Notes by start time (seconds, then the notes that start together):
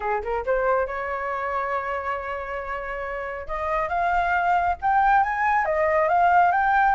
0.00 G#4
0.23 A#4
0.45 C5
0.86 C#5
3.47 D#5
3.89 F5
4.81 G5
5.23 G#5
5.65 D#5
6.08 F5
6.51 G5